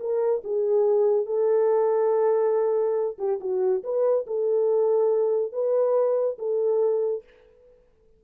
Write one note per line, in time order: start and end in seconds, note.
0.00 0.43 A#4
0.44 1.26 G#4
1.26 3.18 A4
3.19 3.40 G4
3.41 3.83 F#4
3.84 4.26 B4
4.27 5.53 A4
5.53 6.38 B4
6.39 7.24 A4